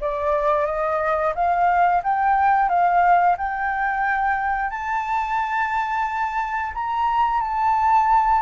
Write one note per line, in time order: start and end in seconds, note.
0.00 0.66 D5
0.66 1.33 D#5
1.35 2.02 F5
2.03 2.68 G5
2.68 3.36 F5
3.37 4.70 G5
4.70 6.72 A5
6.74 7.41 A#5
7.41 8.41 A5